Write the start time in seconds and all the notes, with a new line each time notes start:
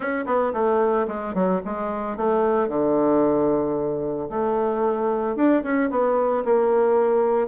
0.00 C#4
0.26 B3
0.53 A3
1.07 G#3
1.34 F#3
1.65 G#3
2.16 A3
2.68 D3
4.29 A3
5.35 D4
5.63 C#4
5.90 B3
6.44 A#3